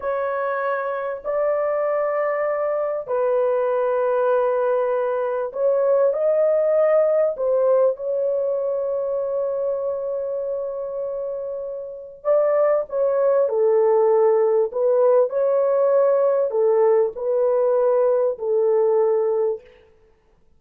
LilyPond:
\new Staff \with { instrumentName = "horn" } { \time 4/4 \tempo 4 = 98 cis''2 d''2~ | d''4 b'2.~ | b'4 cis''4 dis''2 | c''4 cis''2.~ |
cis''1 | d''4 cis''4 a'2 | b'4 cis''2 a'4 | b'2 a'2 | }